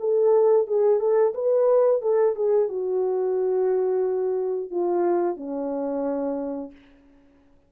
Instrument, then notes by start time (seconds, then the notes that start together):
horn
0.00 A4
0.67 G#4
1.00 A4
1.35 B4
2.02 A4
2.36 G#4
2.69 F#4
4.71 F4
5.37 C#4